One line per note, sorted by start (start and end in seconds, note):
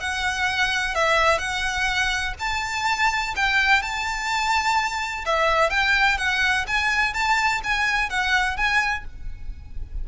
0.00 0.95 F#5
0.95 1.39 E5
1.39 2.34 F#5
2.39 3.34 A5
3.36 3.82 G5
3.82 5.25 A5
5.26 5.70 E5
5.70 6.18 G5
6.18 6.66 F#5
6.67 7.14 G#5
7.14 7.61 A5
7.64 8.10 G#5
8.10 8.57 F#5
8.57 9.05 G#5